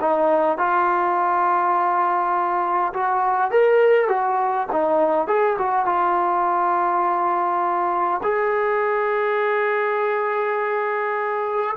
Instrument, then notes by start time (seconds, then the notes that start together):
trombone
0.00 D#4
0.57 F4
2.93 F#4
3.51 A#4
4.08 F#4
4.72 D#4
5.27 G#4
5.58 F#4
5.85 F4
8.22 G#4